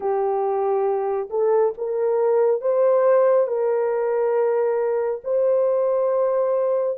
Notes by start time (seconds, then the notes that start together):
0.00 G4
1.30 A4
1.77 A#4
2.61 C5
3.47 A#4
5.24 C5